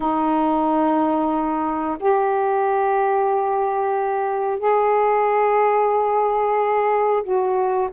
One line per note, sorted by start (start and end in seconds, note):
0.00 1.98 D#4
1.99 4.59 G4
4.59 7.23 G#4
7.23 7.89 F#4